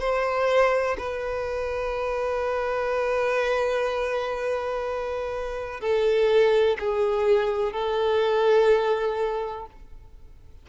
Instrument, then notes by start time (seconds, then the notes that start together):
violin
0.00 C5
0.98 B4
5.81 A4
6.80 G#4
7.72 A4